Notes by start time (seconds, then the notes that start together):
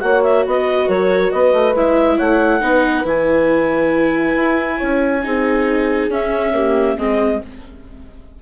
0.00 A#3 F#4 C#5 F#5
0.23 E5
0.46 B3 B4 D#5
0.88 F#3 A#4 C#5
1.31 B3 B4 D#5
1.53 A3
1.75 G#3 E4 E5
2.17 A3 C#5 F#5
2.60 B3 D#4 B4
3.04 E3 E4 G#5
4.36 E4
4.77 C#4 C#5
5.23 C4 D#4 G#4
6.08 C#4 E5
6.54 A#3 G4
6.97 G#3 C4 G#4 D#5